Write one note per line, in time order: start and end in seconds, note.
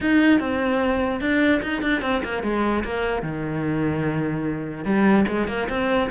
0.01 0.39 D#4
0.39 1.20 C4
1.20 1.61 D4
1.62 1.81 D#4
1.81 2.01 D4
2.01 2.22 C4
2.23 2.43 A#3
2.43 2.83 G#3
2.84 3.22 A#3
3.22 4.84 D#3
4.84 5.25 G3
5.27 5.47 G#3
5.47 5.68 A#3
5.69 6.09 C4